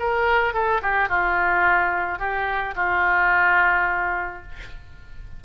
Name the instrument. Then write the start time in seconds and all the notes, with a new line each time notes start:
oboe
0.00 A#4
0.54 A4
0.83 G4
1.09 F4
2.19 G4
2.76 F4